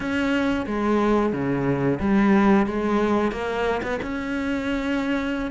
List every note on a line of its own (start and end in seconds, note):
0.00 0.66 C#4
0.66 1.32 G#3
1.32 1.99 C#3
1.99 2.66 G3
2.66 3.31 G#3
3.31 3.81 A#3
3.82 3.99 B3
4.02 5.51 C#4